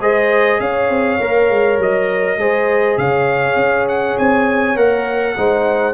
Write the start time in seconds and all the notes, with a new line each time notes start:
0.00 G#3 G#4 C5 D#5
0.59 C#4 C#5 F5
0.89 C4
1.20 A#3 A#4
1.49 G#3
1.78 F#3 D#5
2.37 G#3 G#4 C5
2.97 C#3 C#5 F5
3.55 C#4
3.88 F#5
4.18 C4 G#5
4.75 A#3 A#4 F#5
5.37 G#3 D#4 C5